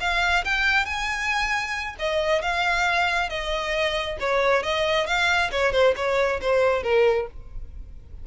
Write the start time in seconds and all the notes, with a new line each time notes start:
0.00 F5
0.44 G5
0.85 G#5
1.99 D#5
2.42 F5
3.29 D#5
4.20 C#5
4.63 D#5
5.06 F5
5.51 C#5
5.72 C5
5.96 C#5
6.41 C5
6.83 A#4